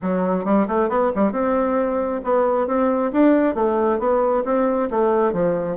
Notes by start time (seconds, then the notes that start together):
0.01 F#3
0.44 G3
0.67 A3
0.89 B3
1.15 G3
1.32 C4
2.23 B3
2.67 C4
3.12 D4
3.54 A3
3.99 B3
4.44 C4
4.90 A3
5.32 F3